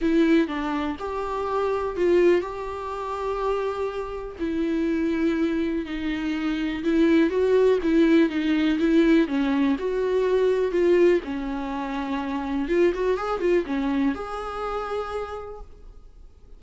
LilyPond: \new Staff \with { instrumentName = "viola" } { \time 4/4 \tempo 4 = 123 e'4 d'4 g'2 | f'4 g'2.~ | g'4 e'2. | dis'2 e'4 fis'4 |
e'4 dis'4 e'4 cis'4 | fis'2 f'4 cis'4~ | cis'2 f'8 fis'8 gis'8 f'8 | cis'4 gis'2. | }